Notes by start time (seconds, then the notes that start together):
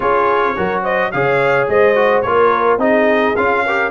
0.00 C#4 F4 G#4 C#5
0.56 F#3 F#4 A#4
0.83 C5 D#5
1.11 C#3 G#4 C#5 F5
1.68 G#3 C5 D#5
1.95 F#4
2.21 A#3 F4 A#4 C#5
2.77 C4 D#4 G#4 D#5
3.36 C#4 F4 F5
3.65 G4 A#4